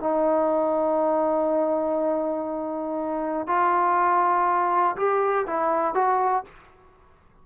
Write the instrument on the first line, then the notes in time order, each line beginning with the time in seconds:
trombone
0.00 D#4
3.47 F4
4.96 G4
5.47 E4
5.94 F#4